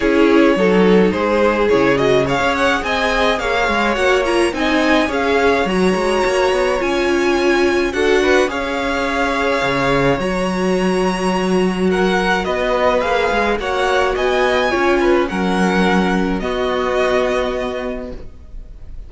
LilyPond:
<<
  \new Staff \with { instrumentName = "violin" } { \time 4/4 \tempo 4 = 106 cis''2 c''4 cis''8 dis''8 | f''8 fis''8 gis''4 f''4 fis''8 ais''8 | gis''4 f''4 ais''2 | gis''2 fis''4 f''4~ |
f''2 ais''2~ | ais''4 fis''4 dis''4 f''4 | fis''4 gis''2 fis''4~ | fis''4 dis''2. | }
  \new Staff \with { instrumentName = "violin" } { \time 4/4 gis'4 a'4 gis'2 | cis''4 dis''4 cis''2 | dis''4 cis''2.~ | cis''2 a'8 b'8 cis''4~ |
cis''1~ | cis''4 ais'4 b'2 | cis''4 dis''4 cis''8 b'8 ais'4~ | ais'4 fis'2. | }
  \new Staff \with { instrumentName = "viola" } { \time 4/4 e'4 dis'2 e'8 fis'8 | gis'2. fis'8 f'8 | dis'4 gis'4 fis'2 | f'2 fis'4 gis'4~ |
gis'2 fis'2~ | fis'2. gis'4 | fis'2 f'4 cis'4~ | cis'4 b2. | }
  \new Staff \with { instrumentName = "cello" } { \time 4/4 cis'4 fis4 gis4 cis4~ | cis16 cis'8. c'4 ais8 gis8 ais4 | c'4 cis'4 fis8 gis8 ais8 b8 | cis'2 d'4 cis'4~ |
cis'4 cis4 fis2~ | fis2 b4 ais8 gis8 | ais4 b4 cis'4 fis4~ | fis4 b2. | }
>>